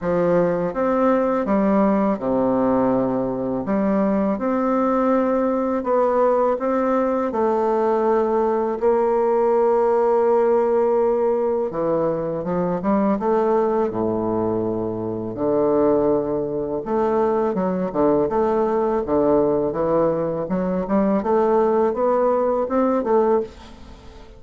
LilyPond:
\new Staff \with { instrumentName = "bassoon" } { \time 4/4 \tempo 4 = 82 f4 c'4 g4 c4~ | c4 g4 c'2 | b4 c'4 a2 | ais1 |
e4 f8 g8 a4 a,4~ | a,4 d2 a4 | fis8 d8 a4 d4 e4 | fis8 g8 a4 b4 c'8 a8 | }